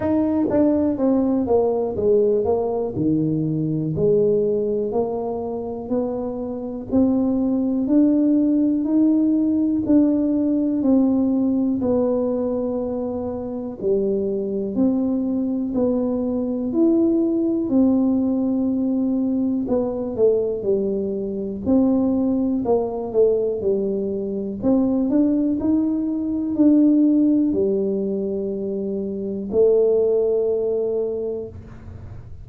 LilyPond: \new Staff \with { instrumentName = "tuba" } { \time 4/4 \tempo 4 = 61 dis'8 d'8 c'8 ais8 gis8 ais8 dis4 | gis4 ais4 b4 c'4 | d'4 dis'4 d'4 c'4 | b2 g4 c'4 |
b4 e'4 c'2 | b8 a8 g4 c'4 ais8 a8 | g4 c'8 d'8 dis'4 d'4 | g2 a2 | }